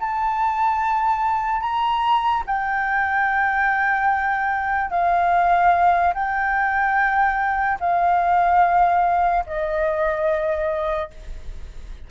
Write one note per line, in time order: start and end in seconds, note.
0.00 1.61 A5
1.61 2.43 A#5
2.47 4.90 G5
4.90 6.13 F5
6.14 7.79 G5
7.80 9.44 F5
9.46 11.10 D#5